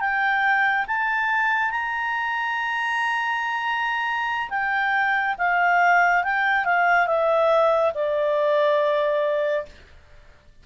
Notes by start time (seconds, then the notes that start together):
0.00 G5
0.87 A5
1.71 A#5
4.50 G5
5.38 F5
6.23 G5
6.65 F5
7.07 E5
7.94 D5